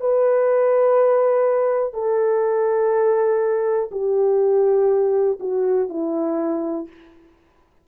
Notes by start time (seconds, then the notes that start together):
0.00 B4
1.93 A4
3.91 G4
5.40 F#4
5.89 E4